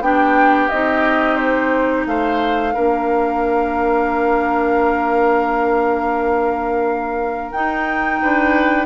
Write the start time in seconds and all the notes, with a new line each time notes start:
0.00 B3 D4 G4 G5
0.69 C4 D#4 D#5
1.36 C5
2.06 A3 C5 F5
2.73 A#3 D4 A#4
7.51 D#4 G5
8.22 D4 B4